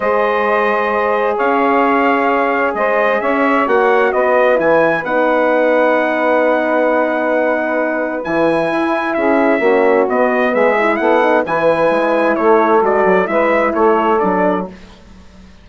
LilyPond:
<<
  \new Staff \with { instrumentName = "trumpet" } { \time 4/4 \tempo 4 = 131 dis''2. f''4~ | f''2 dis''4 e''4 | fis''4 dis''4 gis''4 fis''4~ | fis''1~ |
fis''2 gis''2 | e''2 dis''4 e''4 | fis''4 gis''2 cis''4 | d''4 e''4 cis''4 d''4 | }
  \new Staff \with { instrumentName = "saxophone" } { \time 4/4 c''2. cis''4~ | cis''2 c''4 cis''4~ | cis''4 b'2.~ | b'1~ |
b'1 | gis'4 fis'2 gis'4 | a'4 b'2 a'4~ | a'4 b'4 a'2 | }
  \new Staff \with { instrumentName = "horn" } { \time 4/4 gis'1~ | gis'1 | fis'2 e'4 dis'4~ | dis'1~ |
dis'2 e'2~ | e'4 cis'4 b4. e'8~ | e'8 dis'8 e'2. | fis'4 e'2 d'4 | }
  \new Staff \with { instrumentName = "bassoon" } { \time 4/4 gis2. cis'4~ | cis'2 gis4 cis'4 | ais4 b4 e4 b4~ | b1~ |
b2 e4 e'4 | cis'4 ais4 b4 gis4 | b4 e4 gis4 a4 | gis8 fis8 gis4 a4 fis4 | }
>>